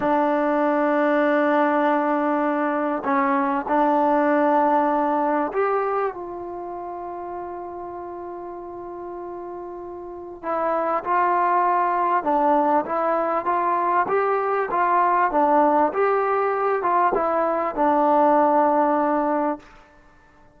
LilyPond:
\new Staff \with { instrumentName = "trombone" } { \time 4/4 \tempo 4 = 98 d'1~ | d'4 cis'4 d'2~ | d'4 g'4 f'2~ | f'1~ |
f'4 e'4 f'2 | d'4 e'4 f'4 g'4 | f'4 d'4 g'4. f'8 | e'4 d'2. | }